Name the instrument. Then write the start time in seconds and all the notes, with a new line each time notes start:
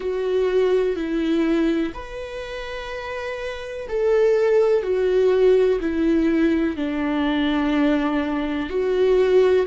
viola
0.00 F#4
0.96 E4
1.94 B4
3.88 A4
4.83 F#4
5.80 E4
6.76 D4
8.69 F#4